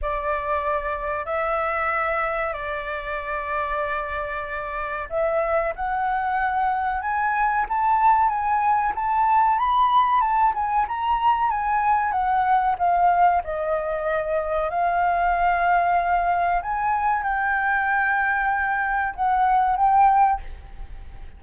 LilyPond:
\new Staff \with { instrumentName = "flute" } { \time 4/4 \tempo 4 = 94 d''2 e''2 | d''1 | e''4 fis''2 gis''4 | a''4 gis''4 a''4 b''4 |
a''8 gis''8 ais''4 gis''4 fis''4 | f''4 dis''2 f''4~ | f''2 gis''4 g''4~ | g''2 fis''4 g''4 | }